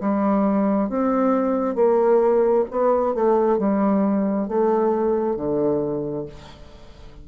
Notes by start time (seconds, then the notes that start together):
0.00 G3
0.89 C4
1.75 A#3
2.70 B3
3.14 A3
3.58 G3
4.48 A3
5.36 D3